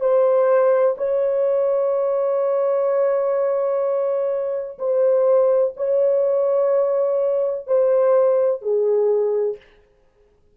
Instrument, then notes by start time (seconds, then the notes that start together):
horn
0.00 C5
0.97 C#5
4.78 C5
5.77 C#5
7.67 C5
8.62 G#4